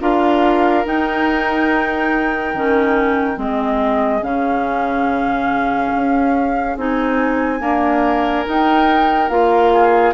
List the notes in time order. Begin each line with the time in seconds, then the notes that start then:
0.00 D4 F4 A#4 F5
0.85 D#4 G5
2.54 D#3 C#4
3.36 G#3 C4 G#4 D#5
4.21 C#3 C#4 F5
5.95 C#4
6.76 C4 D#4 G#5
7.60 A#3 D4 A#4
8.45 D#4 G5
9.29 A#3 F4 F5
9.73 G#4